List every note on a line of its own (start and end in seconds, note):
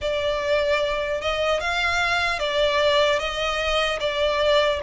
0.01 1.21 D5
1.21 1.60 D#5
1.60 2.39 F5
2.39 3.19 D5
3.19 3.99 D#5
4.00 4.80 D5